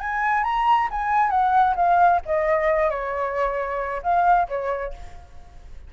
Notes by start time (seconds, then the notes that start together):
0.00 G#5
0.44 A#5
0.91 G#5
1.30 F#5
1.76 F5
2.26 D#5
2.90 C#5
4.03 F5
4.48 C#5